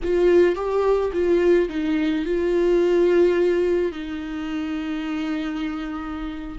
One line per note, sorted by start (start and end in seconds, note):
0.03 0.55 F4
0.55 1.11 G4
1.12 1.68 F4
1.68 2.25 D#4
2.25 3.92 F4
3.92 6.58 D#4